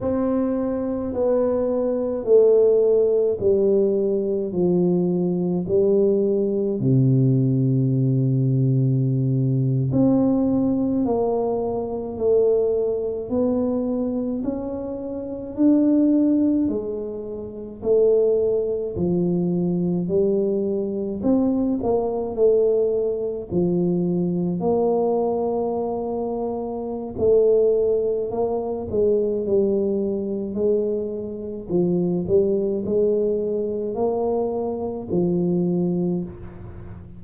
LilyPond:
\new Staff \with { instrumentName = "tuba" } { \time 4/4 \tempo 4 = 53 c'4 b4 a4 g4 | f4 g4 c2~ | c8. c'4 ais4 a4 b16~ | b8. cis'4 d'4 gis4 a16~ |
a8. f4 g4 c'8 ais8 a16~ | a8. f4 ais2~ ais16 | a4 ais8 gis8 g4 gis4 | f8 g8 gis4 ais4 f4 | }